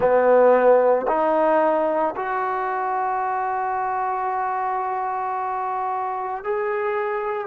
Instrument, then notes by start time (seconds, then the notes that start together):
trombone
0.00 B3
1.07 D#4
2.16 F#4
6.44 G#4